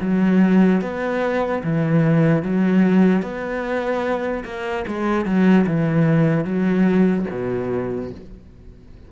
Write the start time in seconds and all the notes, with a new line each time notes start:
0.00 F#3
0.81 B3
1.63 E3
2.42 F#3
3.22 B3
4.44 A#3
4.87 G#3
5.25 F#3
5.66 E3
6.44 F#3
7.30 B2